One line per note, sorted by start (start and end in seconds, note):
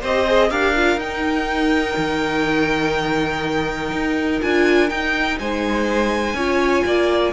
0.00 0.51 C4
0.00 0.26 G4
0.00 0.49 C5
0.00 0.51 D#5
0.26 0.50 G#4
0.50 0.97 D4
0.50 0.75 G4
0.50 5.38 A#4
0.50 0.99 F5
0.75 0.99 F4
0.97 1.94 D#4
0.97 4.40 D#4
0.97 4.41 G5
1.96 3.92 D#3
3.93 4.41 D#4
4.41 4.90 D4
4.41 4.89 F4
4.41 4.89 G#5
4.89 6.36 D#4
4.89 5.39 D#4
4.89 5.38 G5
5.39 6.34 G#3
5.39 6.36 C5
5.39 7.33 G#5
6.34 6.82 C#4
6.34 7.33 F4
6.34 6.84 C#5
6.85 7.33 A#3
6.85 7.33 D5